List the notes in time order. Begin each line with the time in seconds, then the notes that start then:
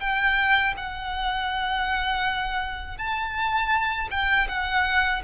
0.00 G5
0.77 F#5
2.98 A5
4.10 G5
4.48 F#5